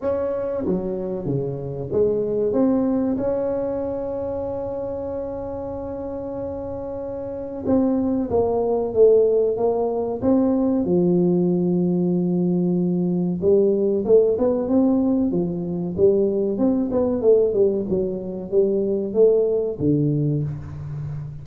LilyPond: \new Staff \with { instrumentName = "tuba" } { \time 4/4 \tempo 4 = 94 cis'4 fis4 cis4 gis4 | c'4 cis'2.~ | cis'1 | c'4 ais4 a4 ais4 |
c'4 f2.~ | f4 g4 a8 b8 c'4 | f4 g4 c'8 b8 a8 g8 | fis4 g4 a4 d4 | }